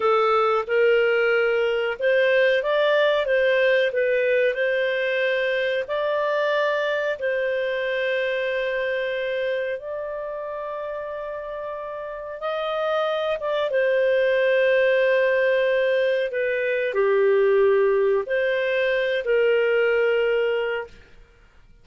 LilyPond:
\new Staff \with { instrumentName = "clarinet" } { \time 4/4 \tempo 4 = 92 a'4 ais'2 c''4 | d''4 c''4 b'4 c''4~ | c''4 d''2 c''4~ | c''2. d''4~ |
d''2. dis''4~ | dis''8 d''8 c''2.~ | c''4 b'4 g'2 | c''4. ais'2~ ais'8 | }